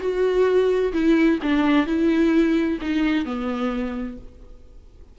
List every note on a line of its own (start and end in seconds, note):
0.00 0.92 F#4
0.93 1.39 E4
1.42 1.87 D4
1.87 2.79 E4
2.81 3.25 D#4
3.25 4.18 B3